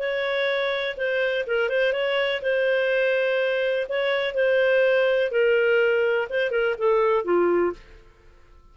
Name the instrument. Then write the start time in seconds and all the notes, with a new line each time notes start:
clarinet
0.00 C#5
0.97 C5
1.47 A#4
1.70 C5
1.93 C#5
2.43 C5
3.90 C#5
4.35 C5
5.32 A#4
6.30 C5
6.51 A#4
6.78 A4
7.25 F4